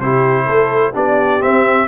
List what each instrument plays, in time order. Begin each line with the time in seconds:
0.00 tuba C3, trombone E4, horn G4, trumpet C5
0.46 tuba A3, horn A4
0.94 tuba B3, trombone D4, horn G4, trumpet D5
1.40 trombone C4, tuba C4, trumpet E5